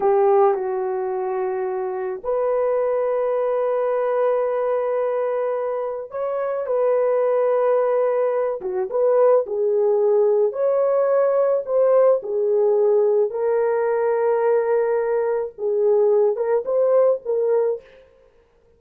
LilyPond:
\new Staff \with { instrumentName = "horn" } { \time 4/4 \tempo 4 = 108 g'4 fis'2. | b'1~ | b'2. cis''4 | b'2.~ b'8 fis'8 |
b'4 gis'2 cis''4~ | cis''4 c''4 gis'2 | ais'1 | gis'4. ais'8 c''4 ais'4 | }